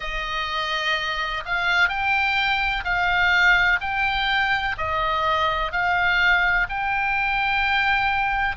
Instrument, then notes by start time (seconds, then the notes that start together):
oboe
0.00 D#5
1.45 F5
1.88 G5
2.84 F5
3.81 G5
4.77 D#5
5.71 F5
6.69 G5